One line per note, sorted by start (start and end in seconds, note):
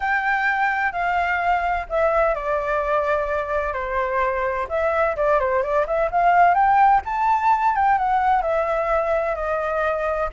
0.00 0.92 G5
0.92 1.86 F5
1.89 2.35 E5
2.35 3.73 D5
3.73 4.67 C5
4.69 5.15 E5
5.16 5.39 D5
5.39 5.62 C5
5.62 5.86 D5
5.86 6.10 E5
6.11 6.54 F5
6.54 7.01 G5
7.05 7.75 A5
7.75 7.98 G5
7.98 8.42 F#5
8.42 9.35 E5
9.35 10.29 D#5